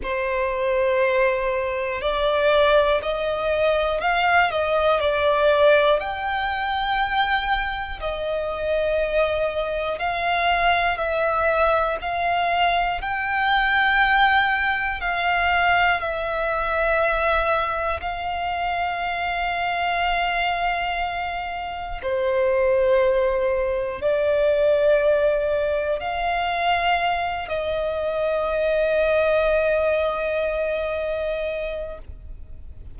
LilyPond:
\new Staff \with { instrumentName = "violin" } { \time 4/4 \tempo 4 = 60 c''2 d''4 dis''4 | f''8 dis''8 d''4 g''2 | dis''2 f''4 e''4 | f''4 g''2 f''4 |
e''2 f''2~ | f''2 c''2 | d''2 f''4. dis''8~ | dis''1 | }